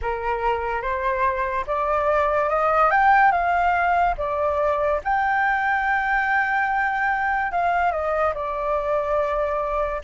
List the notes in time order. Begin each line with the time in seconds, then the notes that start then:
0.01 A#4
0.81 C5
1.66 D5
2.48 D#5
2.90 G5
3.31 F5
4.17 D5
5.03 G5
7.51 F5
7.91 D#5
8.34 D5